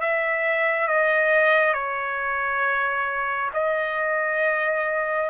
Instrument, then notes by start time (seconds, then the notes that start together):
trumpet
0.00 E5
0.87 D#5
1.73 C#5
3.53 D#5